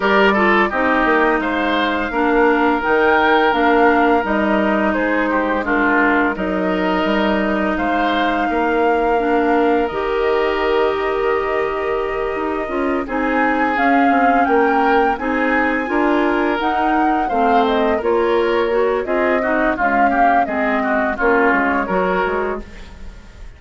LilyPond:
<<
  \new Staff \with { instrumentName = "flute" } { \time 4/4 \tempo 4 = 85 d''4 dis''4 f''2 | g''4 f''4 dis''4 c''4 | ais'4 dis''2 f''4~ | f''2 dis''2~ |
dis''2~ dis''8 gis''4 f''8~ | f''8 g''4 gis''2 fis''8~ | fis''8 f''8 dis''8 cis''4. dis''4 | f''4 dis''4 cis''2 | }
  \new Staff \with { instrumentName = "oboe" } { \time 4/4 ais'8 a'8 g'4 c''4 ais'4~ | ais'2. gis'8 g'8 | f'4 ais'2 c''4 | ais'1~ |
ais'2~ ais'8 gis'4.~ | gis'8 ais'4 gis'4 ais'4.~ | ais'8 c''4 ais'4. gis'8 fis'8 | f'8 g'8 gis'8 fis'8 f'4 ais'4 | }
  \new Staff \with { instrumentName = "clarinet" } { \time 4/4 g'8 f'8 dis'2 d'4 | dis'4 d'4 dis'2 | d'4 dis'2.~ | dis'4 d'4 g'2~ |
g'2 f'8 dis'4 cis'8~ | cis'4. dis'4 f'4 dis'8~ | dis'8 c'4 f'4 fis'8 f'8 dis'8 | gis8 ais8 c'4 cis'4 fis'4 | }
  \new Staff \with { instrumentName = "bassoon" } { \time 4/4 g4 c'8 ais8 gis4 ais4 | dis4 ais4 g4 gis4~ | gis4 fis4 g4 gis4 | ais2 dis2~ |
dis4. dis'8 cis'8 c'4 cis'8 | c'8 ais4 c'4 d'4 dis'8~ | dis'8 a4 ais4. c'4 | cis'4 gis4 ais8 gis8 fis8 gis8 | }
>>